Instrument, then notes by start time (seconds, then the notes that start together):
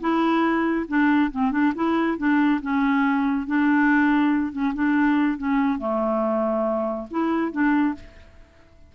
clarinet
0.00 E4
0.88 D4
1.31 C4
1.51 D4
1.75 E4
2.18 D4
2.62 C#4
3.47 D4
4.52 C#4
4.74 D4
5.38 C#4
5.79 A3
7.10 E4
7.52 D4